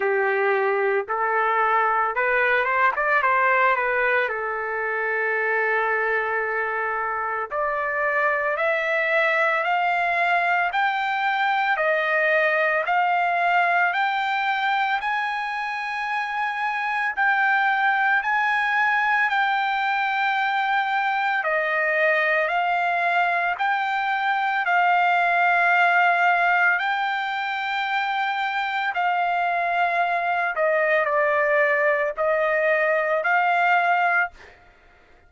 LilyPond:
\new Staff \with { instrumentName = "trumpet" } { \time 4/4 \tempo 4 = 56 g'4 a'4 b'8 c''16 d''16 c''8 b'8 | a'2. d''4 | e''4 f''4 g''4 dis''4 | f''4 g''4 gis''2 |
g''4 gis''4 g''2 | dis''4 f''4 g''4 f''4~ | f''4 g''2 f''4~ | f''8 dis''8 d''4 dis''4 f''4 | }